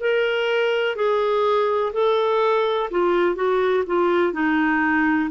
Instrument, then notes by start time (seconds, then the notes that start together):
clarinet
0.00 A#4
0.95 G#4
1.93 A4
2.90 F4
3.35 F#4
3.86 F4
4.33 D#4